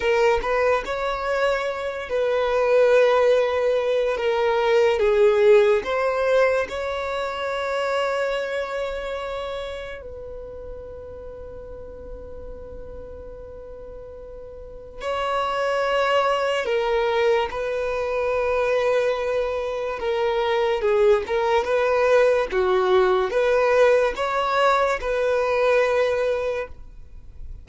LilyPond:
\new Staff \with { instrumentName = "violin" } { \time 4/4 \tempo 4 = 72 ais'8 b'8 cis''4. b'4.~ | b'4 ais'4 gis'4 c''4 | cis''1 | b'1~ |
b'2 cis''2 | ais'4 b'2. | ais'4 gis'8 ais'8 b'4 fis'4 | b'4 cis''4 b'2 | }